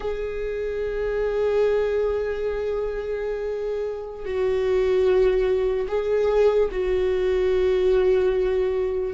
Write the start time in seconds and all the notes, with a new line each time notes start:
0.00 G#4
4.25 F#4
5.88 G#4
6.71 F#4